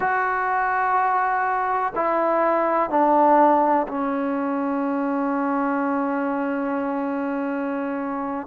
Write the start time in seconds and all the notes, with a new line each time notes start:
0.00 F#4
1.95 E4
2.89 D4
3.88 C#4